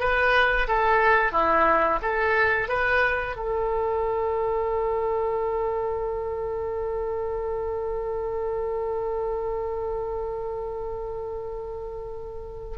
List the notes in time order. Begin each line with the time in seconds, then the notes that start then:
0.00 B4
0.68 A4
1.32 E4
2.03 A4
2.69 B4
3.36 A4